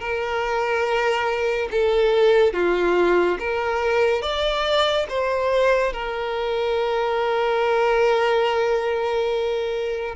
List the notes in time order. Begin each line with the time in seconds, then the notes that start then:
0.00 A#4
1.71 A4
2.54 F4
3.39 A#4
4.22 D5
5.09 C5
5.93 A#4